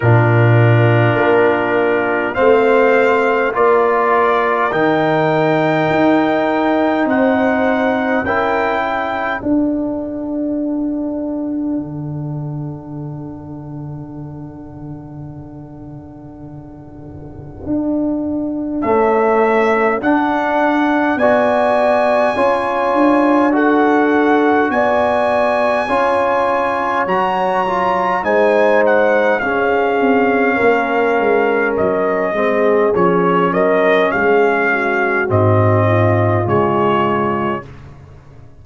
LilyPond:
<<
  \new Staff \with { instrumentName = "trumpet" } { \time 4/4 \tempo 4 = 51 ais'2 f''4 d''4 | g''2 fis''4 g''4 | fis''1~ | fis''1 |
e''4 fis''4 gis''2 | fis''4 gis''2 ais''4 | gis''8 fis''8 f''2 dis''4 | cis''8 dis''8 f''4 dis''4 cis''4 | }
  \new Staff \with { instrumentName = "horn" } { \time 4/4 f'2 c''4 ais'4~ | ais'2 c''4 ais'8 a'8~ | a'1~ | a'1~ |
a'2 d''4 cis''4 | a'4 d''4 cis''2 | c''4 gis'4 ais'4. gis'8~ | gis'8 ais'8 gis'8 fis'4 f'4. | }
  \new Staff \with { instrumentName = "trombone" } { \time 4/4 d'2 c'4 f'4 | dis'2. e'4 | d'1~ | d'1 |
a4 d'4 fis'4 f'4 | fis'2 f'4 fis'8 f'8 | dis'4 cis'2~ cis'8 c'8 | cis'2 c'4 gis4 | }
  \new Staff \with { instrumentName = "tuba" } { \time 4/4 ais,4 ais4 a4 ais4 | dis4 dis'4 c'4 cis'4 | d'2 d2~ | d2. d'4 |
cis'4 d'4 b4 cis'8 d'8~ | d'4 b4 cis'4 fis4 | gis4 cis'8 c'8 ais8 gis8 fis8 gis8 | f8 fis8 gis4 gis,4 cis4 | }
>>